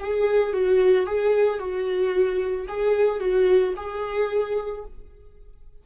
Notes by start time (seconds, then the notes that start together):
0.00 G#4
0.53 F#4
1.07 G#4
1.59 F#4
2.68 G#4
3.20 F#4
3.77 G#4